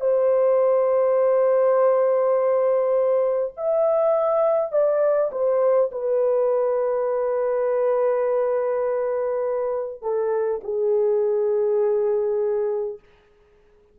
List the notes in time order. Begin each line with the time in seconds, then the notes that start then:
0.00 C5
3.56 E5
4.72 D5
5.32 C5
5.91 B4
10.02 A4
10.64 G#4